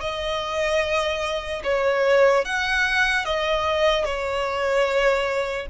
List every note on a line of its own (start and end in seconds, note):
0.00 1.62 D#5
1.64 2.45 C#5
2.45 3.25 F#5
3.25 4.05 D#5
4.05 5.67 C#5